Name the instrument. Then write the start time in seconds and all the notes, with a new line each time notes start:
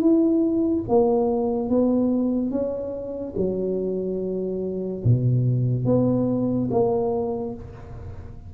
tuba
0.00 E4
0.88 A#3
1.69 B3
2.50 C#4
3.36 F#3
5.03 B2
5.85 B3
6.70 A#3